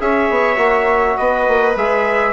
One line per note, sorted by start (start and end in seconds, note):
0.00 0.29 C#4
0.00 0.56 G#4
0.00 1.17 C#5
0.00 1.17 E5
0.29 0.57 B3
0.56 1.15 A#3
0.56 1.74 F#4
1.17 1.47 B3
1.17 2.33 B4
1.17 1.76 D#5
1.47 1.76 A#3
1.76 2.33 G#3
1.76 2.33 G#4
1.76 2.33 E5